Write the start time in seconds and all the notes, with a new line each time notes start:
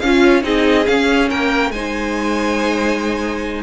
0.00 C#4 F4 F5
0.42 C4 D#4 G#4 D#5
0.86 C#4 F5
1.30 A#3 A#4 G5
1.70 G#3 D#4 C5 G#5